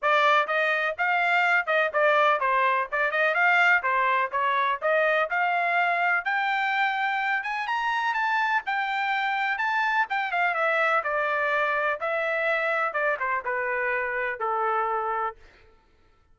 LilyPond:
\new Staff \with { instrumentName = "trumpet" } { \time 4/4 \tempo 4 = 125 d''4 dis''4 f''4. dis''8 | d''4 c''4 d''8 dis''8 f''4 | c''4 cis''4 dis''4 f''4~ | f''4 g''2~ g''8 gis''8 |
ais''4 a''4 g''2 | a''4 g''8 f''8 e''4 d''4~ | d''4 e''2 d''8 c''8 | b'2 a'2 | }